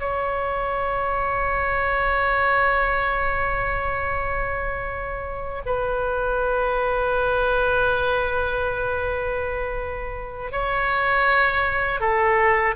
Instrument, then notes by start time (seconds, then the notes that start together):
oboe
0.00 C#5
5.66 B4
10.52 C#5
12.00 A4